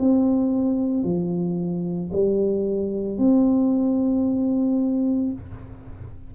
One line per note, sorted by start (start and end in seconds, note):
0.00 1.04 C4
1.04 2.11 F3
2.12 3.19 G3
3.19 5.33 C4